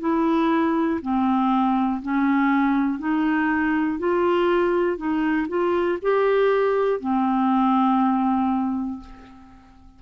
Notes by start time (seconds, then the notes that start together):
0.00 E4
1.01 C4
2.02 C#4
2.99 D#4
3.99 F4
4.97 D#4
5.49 F4
6.02 G4
7.00 C4